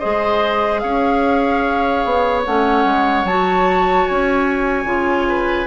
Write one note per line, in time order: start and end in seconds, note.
0.00 0.84 G#3
0.00 2.45 G#4
0.00 0.81 C5
0.00 0.80 D#5
0.80 2.05 C#4
0.80 5.29 C#5
0.80 2.42 F5
2.05 2.46 B3
2.46 2.85 A3
2.46 3.27 C#4
2.46 3.27 F#5
2.85 3.24 G#3
3.24 4.06 F#3
3.24 4.86 F#4
3.24 4.07 A5
4.07 4.85 C#4
4.07 5.68 G#5
4.85 5.66 C#3
4.85 5.67 F4
5.29 5.68 B4